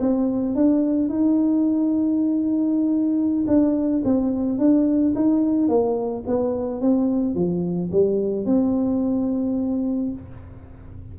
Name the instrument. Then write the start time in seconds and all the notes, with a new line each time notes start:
tuba
0.00 C4
0.55 D4
1.09 D#4
3.47 D4
4.04 C4
4.59 D4
5.15 D#4
5.68 A#3
6.27 B3
6.81 C4
7.35 F3
7.91 G3
8.45 C4